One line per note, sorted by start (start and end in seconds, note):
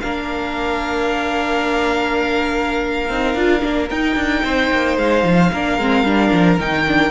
0.00 3.08 A#3
0.00 3.10 D4
0.00 4.44 A#4
0.00 3.88 F5
3.08 3.34 C4
3.08 3.37 D#4
3.34 3.61 D4
3.34 3.61 F4
3.61 3.90 A#3
3.61 3.87 D4
3.90 4.15 D#4
3.90 5.52 D#4
3.90 4.97 G5
4.15 4.42 D4
4.43 4.70 C4
4.43 5.51 C5
4.71 4.98 A#3
4.97 5.23 G#3
4.97 6.58 F5
5.23 5.50 F3
5.52 5.78 A#3
5.52 5.80 D4
5.52 7.10 A#4
5.78 6.04 G#3
5.78 6.05 C4
6.04 6.30 G3
6.04 6.59 D4
6.32 6.58 F3
6.58 7.10 D#3
6.58 6.86 D#4
6.58 7.10 G5
6.86 7.10 D4